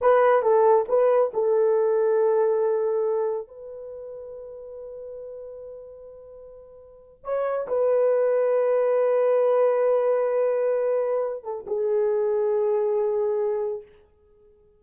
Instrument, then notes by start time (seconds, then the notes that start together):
horn
0.01 B4
0.42 A4
0.88 B4
1.33 A4
3.47 B4
7.24 C#5
7.67 B4
11.43 A4
11.66 G#4